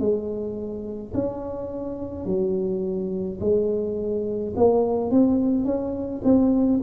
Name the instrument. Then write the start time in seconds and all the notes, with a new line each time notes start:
tuba
0.00 G#3
1.14 C#4
2.26 F#3
3.41 G#3
4.56 A#3
5.11 C4
5.65 C#4
6.24 C4